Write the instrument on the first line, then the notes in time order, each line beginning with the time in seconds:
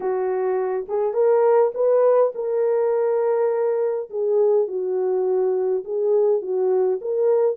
horn
0.00 F#4
0.88 G#4
1.13 A#4
1.74 B4
2.35 A#4
4.09 G#4
4.67 F#4
5.84 G#4
6.41 F#4
7.01 A#4